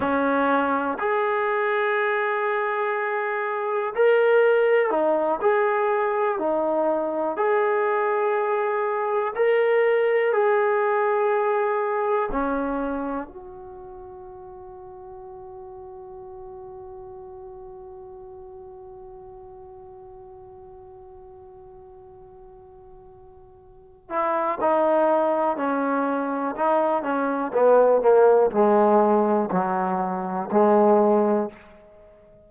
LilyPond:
\new Staff \with { instrumentName = "trombone" } { \time 4/4 \tempo 4 = 61 cis'4 gis'2. | ais'4 dis'8 gis'4 dis'4 gis'8~ | gis'4. ais'4 gis'4.~ | gis'8 cis'4 fis'2~ fis'8~ |
fis'1~ | fis'1~ | fis'8 e'8 dis'4 cis'4 dis'8 cis'8 | b8 ais8 gis4 fis4 gis4 | }